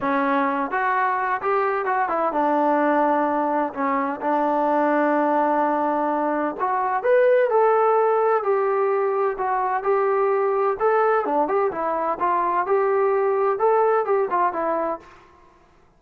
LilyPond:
\new Staff \with { instrumentName = "trombone" } { \time 4/4 \tempo 4 = 128 cis'4. fis'4. g'4 | fis'8 e'8 d'2. | cis'4 d'2.~ | d'2 fis'4 b'4 |
a'2 g'2 | fis'4 g'2 a'4 | d'8 g'8 e'4 f'4 g'4~ | g'4 a'4 g'8 f'8 e'4 | }